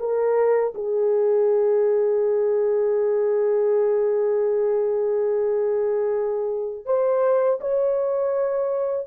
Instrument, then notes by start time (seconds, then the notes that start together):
horn
0.00 A#4
0.75 G#4
6.86 C5
7.61 C#5